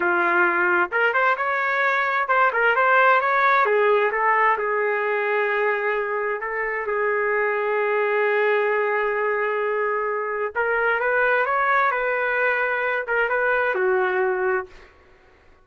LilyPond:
\new Staff \with { instrumentName = "trumpet" } { \time 4/4 \tempo 4 = 131 f'2 ais'8 c''8 cis''4~ | cis''4 c''8 ais'8 c''4 cis''4 | gis'4 a'4 gis'2~ | gis'2 a'4 gis'4~ |
gis'1~ | gis'2. ais'4 | b'4 cis''4 b'2~ | b'8 ais'8 b'4 fis'2 | }